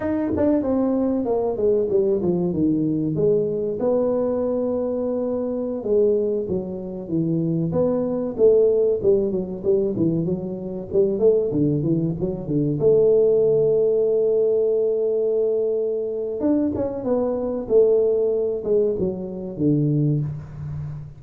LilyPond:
\new Staff \with { instrumentName = "tuba" } { \time 4/4 \tempo 4 = 95 dis'8 d'8 c'4 ais8 gis8 g8 f8 | dis4 gis4 b2~ | b4~ b16 gis4 fis4 e8.~ | e16 b4 a4 g8 fis8 g8 e16~ |
e16 fis4 g8 a8 d8 e8 fis8 d16~ | d16 a2.~ a8.~ | a2 d'8 cis'8 b4 | a4. gis8 fis4 d4 | }